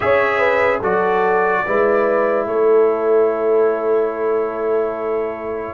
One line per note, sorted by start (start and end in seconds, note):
0.00 0.80 C#4
0.00 0.81 G#4
0.00 0.38 C#5
0.00 0.80 E5
0.38 0.79 B4
0.80 1.62 F#3
0.80 1.65 F#4
0.80 1.62 A4
0.80 2.46 D5
1.66 2.46 G#3
1.66 5.73 E4
1.66 2.48 B4
2.46 5.73 A3
2.46 5.73 A4
2.46 5.73 C#5